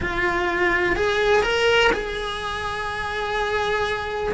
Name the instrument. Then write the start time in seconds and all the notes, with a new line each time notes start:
cello
0.00 F4
0.96 G#4
1.43 A#4
1.92 G#4